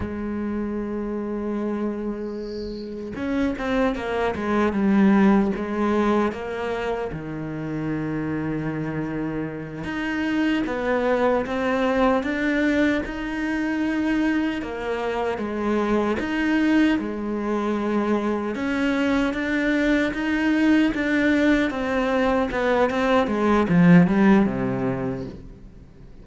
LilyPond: \new Staff \with { instrumentName = "cello" } { \time 4/4 \tempo 4 = 76 gis1 | cis'8 c'8 ais8 gis8 g4 gis4 | ais4 dis2.~ | dis8 dis'4 b4 c'4 d'8~ |
d'8 dis'2 ais4 gis8~ | gis8 dis'4 gis2 cis'8~ | cis'8 d'4 dis'4 d'4 c'8~ | c'8 b8 c'8 gis8 f8 g8 c4 | }